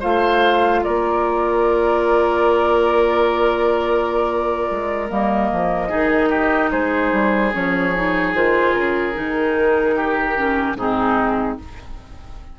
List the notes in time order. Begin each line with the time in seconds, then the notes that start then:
0.00 A3 F4 C5 F5
0.84 A#3 A#4 D5
4.71 G#3
5.09 G3 A#3 D#5
5.52 F3
5.89 D#3 D#4 G#4
6.30 G4
6.72 G#3 G#4 C5
7.12 G3
7.53 F3 C#4 C#5
7.96 D#4
8.35 D#3 F4 C5
8.74 C#3 A#4
9.14 D#3 D#4
9.96 G4
10.37 C#4
10.75 G#2 C4 D#4 G#4